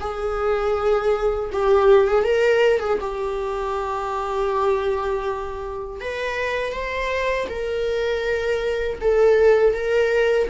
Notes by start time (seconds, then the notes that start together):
0.00 G#4
1.52 G4
2.08 G#4
2.24 A#4
2.80 G#4
3.00 G4
6.01 B4
6.73 C5
7.49 A#4
9.01 A4
9.74 A#4